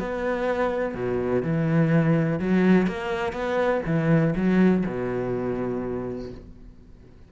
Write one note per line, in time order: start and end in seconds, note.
0.00 0.95 B3
0.95 1.43 B2
1.43 2.40 E3
2.40 2.87 F#3
2.87 3.33 A#3
3.33 3.81 B3
3.86 4.35 E3
4.36 4.84 F#3
4.87 6.32 B2